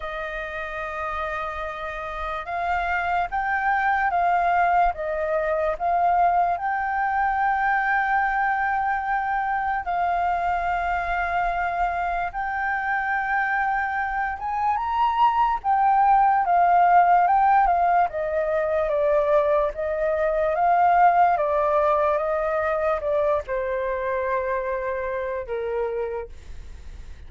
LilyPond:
\new Staff \with { instrumentName = "flute" } { \time 4/4 \tempo 4 = 73 dis''2. f''4 | g''4 f''4 dis''4 f''4 | g''1 | f''2. g''4~ |
g''4. gis''8 ais''4 g''4 | f''4 g''8 f''8 dis''4 d''4 | dis''4 f''4 d''4 dis''4 | d''8 c''2~ c''8 ais'4 | }